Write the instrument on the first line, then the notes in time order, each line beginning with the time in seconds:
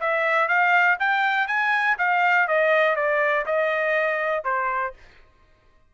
trumpet
0.00 E5
0.48 F5
0.99 G5
1.47 G#5
1.98 F5
2.47 D#5
2.95 D5
3.46 D#5
4.44 C5